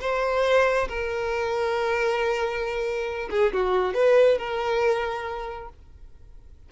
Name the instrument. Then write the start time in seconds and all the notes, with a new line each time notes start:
violin
0.00 C5
0.88 A#4
3.30 G#4
3.53 F#4
3.94 B4
4.38 A#4